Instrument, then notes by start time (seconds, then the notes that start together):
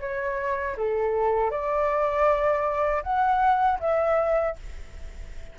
flute
0.00 C#5
0.77 A4
1.50 D5
3.02 F#5
3.79 E5